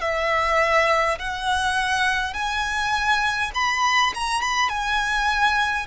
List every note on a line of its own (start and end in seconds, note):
0.00 1.18 E5
1.18 2.33 F#5
2.33 3.51 G#5
3.54 4.13 B5
4.14 4.41 A#5
4.41 4.68 B5
4.68 5.86 G#5